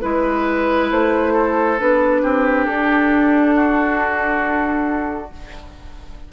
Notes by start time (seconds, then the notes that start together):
0.00 G#3 E4 B4
0.91 A3 C5
1.33 A4
1.79 B3 D4 B4
2.22 C4 G4
2.65 D4 A4
3.54 F#4